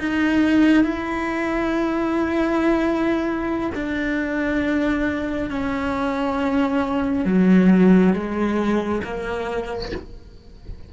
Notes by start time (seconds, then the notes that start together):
0.00 D#4
0.85 E4
3.75 D4
5.51 C#4
7.26 F#3
8.14 G#3
9.04 A#3